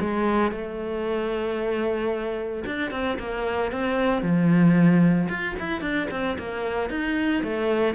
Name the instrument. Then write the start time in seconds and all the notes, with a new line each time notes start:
cello
0.00 G#3
0.51 A3
2.66 D4
2.91 C4
3.19 A#3
3.72 C4
4.22 F3
5.29 F4
5.59 E4
5.81 D4
6.11 C4
6.38 A#3
6.90 D#4
7.43 A3